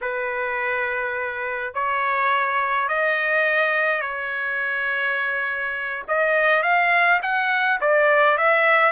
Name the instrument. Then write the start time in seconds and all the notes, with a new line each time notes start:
trumpet
0.01 B4
1.74 C#5
2.88 D#5
4.01 C#5
6.08 D#5
6.62 F5
7.22 F#5
7.80 D5
8.37 E5